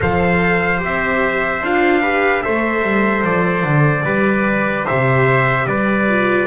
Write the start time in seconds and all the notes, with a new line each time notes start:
0.00 F3 A4 C5 F5
0.77 C4 G4
0.84 E5
1.61 D4 F4 F5
2.02 G4 B4
2.42 A3 A4 C5 E5
2.82 G3
3.24 F3 D5
3.63 D3
4.04 G3 G4 B4
4.85 C3 C5 E5
5.66 G3 B4 D5
6.08 F4